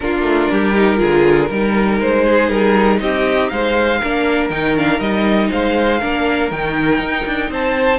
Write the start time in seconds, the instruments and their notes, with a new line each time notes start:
0.00 cello A#3, viola D4, violin F4 A#4
0.23 cello A3
0.51 cello G3, violin G4
0.74 viola D#4
0.96 cello D3, viola F4, violin G#4
1.50 cello G3, viola D#4, violin A#4
2.00 cello G#3, violin C5
2.25 violin G#4
2.49 cello G3, violin A#4
3.00 cello C4, violin G4 D#5
3.48 cello G#3, violin C5 F5
3.98 cello A#3, viola D4, violin A#4
4.49 cello D#3, viola D#4, violin G5
4.77 viola D4, violin F5
4.99 cello G3, viola D#4, violin D#5
5.50 cello G#3, violin C5 F5
5.99 cello A#3, viola D4, violin A#4
6.51 cello D#3, viola D#4, violin G5
7.00 cello D#4
7.26 cello D4
7.49 cello C4, violin C5 A5